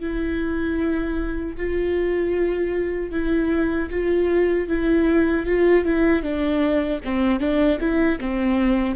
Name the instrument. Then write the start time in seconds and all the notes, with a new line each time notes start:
viola
0.00 E4
1.56 F4
3.11 E4
3.90 F4
4.68 E4
5.46 F4
5.84 E4
6.22 D4
7.04 C4
7.39 D4
7.80 E4
8.20 C4